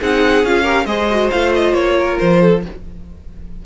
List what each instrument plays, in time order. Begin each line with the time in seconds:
0.00 cello C4, viola D#4, violin G#4 F#5
0.44 cello C#4, viola F4, violin F5
0.63 viola G4, violin A#4
0.85 cello G#3, viola G#4, violin C5 D#5
1.10 viola F#4
1.31 cello A3, viola F4, violin F5
1.54 violin D#5
1.73 cello A#3, violin C#5
1.98 violin A#4
2.18 cello F3, violin C5
2.41 violin A4